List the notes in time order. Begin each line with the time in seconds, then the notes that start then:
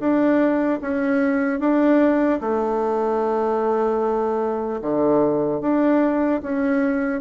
0.00 D4
0.81 C#4
1.60 D4
2.41 A3
4.81 D3
5.61 D4
6.43 C#4